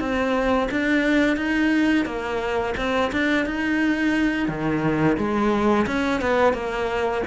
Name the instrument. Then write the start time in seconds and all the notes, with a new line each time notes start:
cello
0.00 C4
0.71 D4
1.37 D#4
2.06 A#3
2.77 C4
3.12 D4
3.46 D#4
4.48 D#3
5.18 G#3
5.87 C#4
6.21 B3
6.54 A#3